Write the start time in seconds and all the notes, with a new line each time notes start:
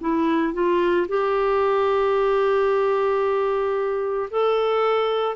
0.00 E4
0.53 F4
1.08 G4
4.31 A4